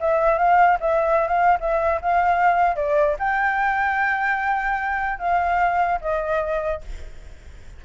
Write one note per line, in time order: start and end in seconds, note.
0.00 0.38 E5
0.38 0.78 F5
0.80 1.28 E5
1.28 1.58 F5
1.60 2.00 E5
2.01 2.75 F5
2.75 3.16 D5
3.19 5.19 G5
5.19 5.99 F5
6.01 6.81 D#5